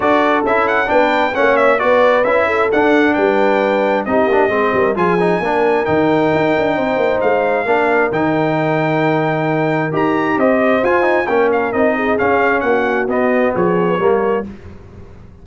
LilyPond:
<<
  \new Staff \with { instrumentName = "trumpet" } { \time 4/4 \tempo 4 = 133 d''4 e''8 fis''8 g''4 fis''8 e''8 | d''4 e''4 fis''4 g''4~ | g''4 dis''2 gis''4~ | gis''4 g''2. |
f''2 g''2~ | g''2 ais''4 dis''4 | gis''4 g''8 f''8 dis''4 f''4 | fis''4 dis''4 cis''2 | }
  \new Staff \with { instrumentName = "horn" } { \time 4/4 a'2 b'4 cis''4 | b'4. a'4. b'4~ | b'4 g'4 c''8 ais'8 gis'4 | ais'2. c''4~ |
c''4 ais'2.~ | ais'2. c''4~ | c''4 ais'4. gis'4. | fis'2 gis'4 ais'4 | }
  \new Staff \with { instrumentName = "trombone" } { \time 4/4 fis'4 e'4 d'4 cis'4 | fis'4 e'4 d'2~ | d'4 dis'8 d'8 c'4 f'8 dis'8 | d'4 dis'2.~ |
dis'4 d'4 dis'2~ | dis'2 g'2 | f'8 dis'8 cis'4 dis'4 cis'4~ | cis'4 b2 ais4 | }
  \new Staff \with { instrumentName = "tuba" } { \time 4/4 d'4 cis'4 b4 ais4 | b4 cis'4 d'4 g4~ | g4 c'8 ais8 gis8 g8 f4 | ais4 dis4 dis'8 d'8 c'8 ais8 |
gis4 ais4 dis2~ | dis2 dis'4 c'4 | f'4 ais4 c'4 cis'4 | ais4 b4 f4 g4 | }
>>